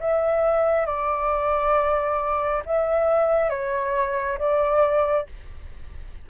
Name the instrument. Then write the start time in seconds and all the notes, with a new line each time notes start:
flute
0.00 E5
0.87 D5
2.66 E5
3.50 C#5
4.38 D5